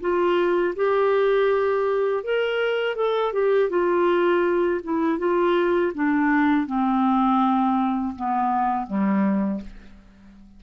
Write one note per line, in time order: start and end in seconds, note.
0.00 0.74 F4
0.75 2.24 G4
2.24 2.96 A#4
2.96 3.33 A4
3.33 3.69 G4
3.69 4.80 F4
4.84 5.18 E4
5.18 5.92 F4
5.94 6.66 D4
6.66 8.14 C4
8.15 8.87 B3
8.87 9.61 G3